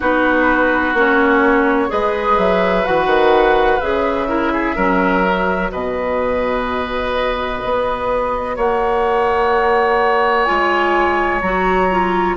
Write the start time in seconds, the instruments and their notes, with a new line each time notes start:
0.00 bassoon B3, clarinet D#4, oboe F#4, flute B4
0.93 bassoon A#3, clarinet C#4, flute C#5
1.88 bassoon G#3, clarinet G#4, oboe B4, flute D#5
2.37 bassoon F#3, flute E5
2.84 bassoon E3, clarinet F#4, flute F#5
3.06 bassoon D#3
3.80 bassoon C#3, clarinet G#4, flute E5
4.27 clarinet E4, oboe A#4
4.53 oboe G#4
4.75 bassoon F#3, clarinet C#4, oboe A#4
5.24 clarinet F#4
5.71 bassoon B2, oboe B4, flute D#5
7.64 bassoon B3
8.55 bassoon A#3, oboe C#5, flute F#5
10.44 bassoon G#3, clarinet F4, flute G#5
11.41 bassoon F#3, clarinet F#4, flute A#5
11.90 clarinet F4